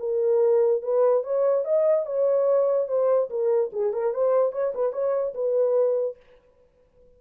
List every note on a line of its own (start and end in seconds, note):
0.00 0.83 A#4
0.83 1.24 B4
1.24 1.65 C#5
1.65 2.06 D#5
2.06 2.88 C#5
2.88 3.30 C5
3.30 3.71 A#4
3.73 3.93 G#4
3.93 4.14 A#4
4.14 4.53 C5
4.53 4.73 C#5
4.75 4.93 B4
4.93 5.34 C#5
5.34 6.17 B4